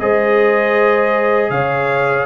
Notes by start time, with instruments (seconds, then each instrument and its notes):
0.00 tuba G#3, trombone G#4, horn C5, trumpet D#5
1.50 tuba C#3, horn C#5, trumpet F5